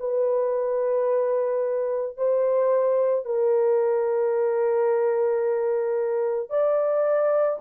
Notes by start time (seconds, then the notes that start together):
0.00 B4
2.18 C5
3.25 A#4
6.50 D5